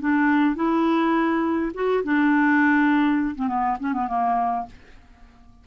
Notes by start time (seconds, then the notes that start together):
0.00 D4
0.55 E4
1.74 F#4
2.04 D4
3.35 C4
3.47 B3
3.79 C#4
3.93 B3
4.08 A#3